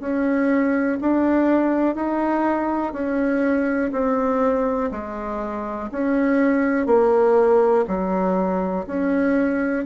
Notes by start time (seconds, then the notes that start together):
0.00 C#4
1.01 D4
1.95 D#4
2.93 C#4
3.92 C4
4.91 G#3
5.92 C#4
6.86 A#3
7.87 F#3
8.87 C#4